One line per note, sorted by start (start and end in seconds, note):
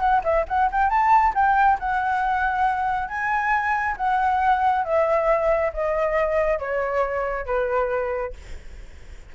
0.00 0.22 F#5
0.24 0.46 E5
0.48 0.70 F#5
0.72 0.90 G5
0.90 1.34 A5
1.35 1.79 G5
1.80 3.09 F#5
3.09 3.96 G#5
3.97 4.85 F#5
4.85 5.73 E5
5.74 6.59 D#5
6.59 7.46 C#5
7.46 8.34 B4